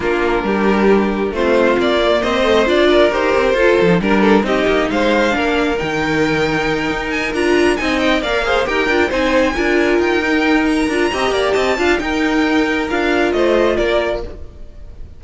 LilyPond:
<<
  \new Staff \with { instrumentName = "violin" } { \time 4/4 \tempo 4 = 135 ais'2. c''4 | d''4 dis''4 d''4 c''4~ | c''4 ais'4 dis''4 f''4~ | f''4 g''2. |
gis''8 ais''4 gis''8 g''8 f''4 g''8~ | g''8 gis''2 g''4. | ais''2 a''4 g''4~ | g''4 f''4 dis''4 d''4 | }
  \new Staff \with { instrumentName = "violin" } { \time 4/4 f'4 g'2 f'4~ | f'4 c''4. ais'4. | a'4 ais'8 a'8 g'4 c''4 | ais'1~ |
ais'4. dis''4 d''8 c''8 ais'8~ | ais'8 c''4 ais'2~ ais'8~ | ais'4 dis''8 d''8 dis''8 f''8 ais'4~ | ais'2 c''4 ais'4 | }
  \new Staff \with { instrumentName = "viola" } { \time 4/4 d'2. c'4~ | c'8 ais4 a8 f'4 g'4 | f'8. dis'16 d'4 dis'2 | d'4 dis'2.~ |
dis'8 f'4 dis'4 ais'8 gis'8 g'8 | f'8 dis'4 f'4. dis'4~ | dis'8 f'8 g'4. f'8 dis'4~ | dis'4 f'2. | }
  \new Staff \with { instrumentName = "cello" } { \time 4/4 ais4 g2 a4 | ais4 c'4 d'4 dis'8 c'8 | f'8 f8 g4 c'8 ais8 gis4 | ais4 dis2~ dis8 dis'8~ |
dis'8 d'4 c'4 ais4 dis'8 | d'8 c'4 d'4 dis'4.~ | dis'8 d'8 c'8 ais8 c'8 d'8 dis'4~ | dis'4 d'4 a4 ais4 | }
>>